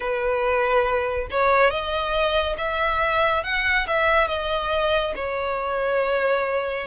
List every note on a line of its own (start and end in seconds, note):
0.00 1.27 B4
1.31 1.70 C#5
1.70 2.56 D#5
2.57 3.43 E5
3.43 3.86 F#5
3.87 4.27 E5
4.27 5.13 D#5
5.15 6.86 C#5